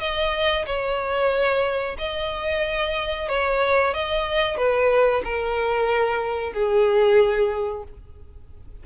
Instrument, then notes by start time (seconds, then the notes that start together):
violin
0.00 D#5
0.66 C#5
1.98 D#5
3.28 C#5
3.93 D#5
4.57 B4
5.24 A#4
6.53 G#4